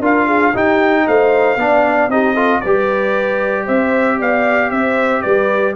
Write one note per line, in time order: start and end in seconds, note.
0.00 0.52 D4
0.00 0.54 F4
0.00 0.26 A#4
0.00 0.56 F5
0.26 0.51 G#4
0.51 1.58 D#4
0.51 1.07 D#4
0.51 1.03 G4
0.51 1.07 G5
1.07 1.56 A3
1.07 1.59 C5
1.07 2.10 F5
1.56 2.08 B3
1.56 2.10 D4
1.56 2.11 D5
2.08 2.60 C4
2.08 2.35 D#4
2.08 2.33 G4
2.08 2.60 D#5
2.33 2.62 F4
2.33 2.59 A4
2.60 3.68 G3
2.60 5.76 G4
2.60 3.64 B4
2.60 3.65 D5
3.64 4.20 C4
3.64 4.17 C5
3.64 4.19 E5
4.18 4.71 B3
4.18 4.71 D5
4.18 4.70 F5
4.70 5.23 C4
4.70 5.22 C5
4.70 5.21 E5
5.21 5.76 G3
5.21 5.74 B4
5.21 5.73 D5